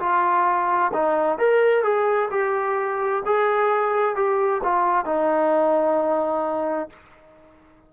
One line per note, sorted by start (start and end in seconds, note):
0.00 0.92 F4
0.94 1.39 D#4
1.39 1.83 A#4
1.83 2.30 G#4
2.31 3.23 G4
3.26 4.16 G#4
4.16 4.62 G4
4.64 5.06 F4
5.06 6.90 D#4